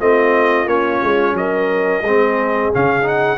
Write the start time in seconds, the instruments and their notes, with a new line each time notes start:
0.00 tuba A3, trombone C4, horn F4, trumpet D#5
0.67 tuba A#3, trombone C#4, trumpet C#5
1.04 tuba G#3
1.34 tuba F#3, horn A#4, trumpet D#5
2.02 tuba G#3, trombone C4, horn G#4
2.73 tuba C#3, trombone C#4, trumpet F5
3.03 trombone D#4, trumpet F#5